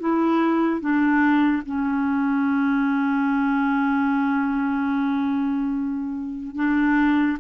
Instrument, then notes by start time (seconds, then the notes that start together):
clarinet
0.00 E4
0.81 D4
1.66 C#4
6.56 D4